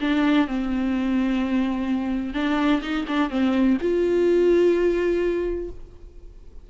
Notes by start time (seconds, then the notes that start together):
0.00 D4
0.47 C4
2.34 D4
2.82 D#4
3.07 D4
3.30 C4
3.81 F4